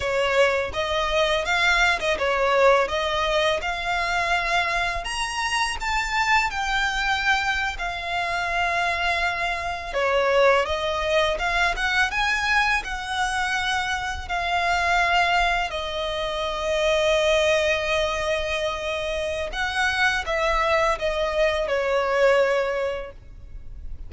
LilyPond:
\new Staff \with { instrumentName = "violin" } { \time 4/4 \tempo 4 = 83 cis''4 dis''4 f''8. dis''16 cis''4 | dis''4 f''2 ais''4 | a''4 g''4.~ g''16 f''4~ f''16~ | f''4.~ f''16 cis''4 dis''4 f''16~ |
f''16 fis''8 gis''4 fis''2 f''16~ | f''4.~ f''16 dis''2~ dis''16~ | dis''2. fis''4 | e''4 dis''4 cis''2 | }